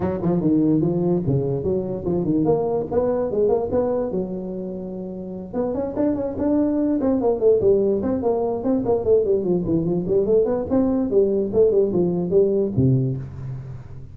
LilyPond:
\new Staff \with { instrumentName = "tuba" } { \time 4/4 \tempo 4 = 146 fis8 f8 dis4 f4 cis4 | fis4 f8 dis8 ais4 b4 | gis8 ais8 b4 fis2~ | fis4. b8 cis'8 d'8 cis'8 d'8~ |
d'4 c'8 ais8 a8 g4 c'8 | ais4 c'8 ais8 a8 g8 f8 e8 | f8 g8 a8 b8 c'4 g4 | a8 g8 f4 g4 c4 | }